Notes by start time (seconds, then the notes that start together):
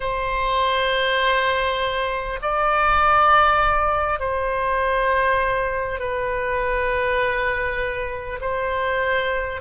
0.00 C5
2.42 D5
4.19 C5
5.99 B4
8.41 C5